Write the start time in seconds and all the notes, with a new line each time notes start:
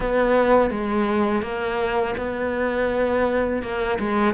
0.00 B3
0.70 G#3
1.42 A#3
2.17 B3
3.62 A#3
3.99 G#3